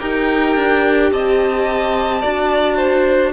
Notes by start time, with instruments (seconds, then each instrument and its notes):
0.00 cello D#4, viola G4, violin A#4 G5
0.56 cello D4
1.12 cello C4, violin D#5 A5
2.22 cello D4, viola F#4, violin D5
2.77 violin C5